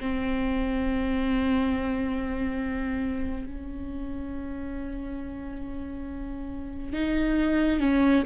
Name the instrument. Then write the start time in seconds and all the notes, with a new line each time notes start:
viola
0.00 C4
3.46 C#4
6.93 D#4
7.80 C#4